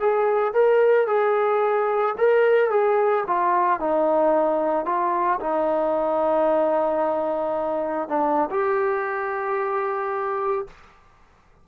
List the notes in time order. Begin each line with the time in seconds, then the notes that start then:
0.00 G#4
0.54 A#4
1.08 G#4
2.18 A#4
2.71 G#4
3.28 F4
3.80 D#4
4.86 F4
5.41 D#4
8.09 D4
8.51 G4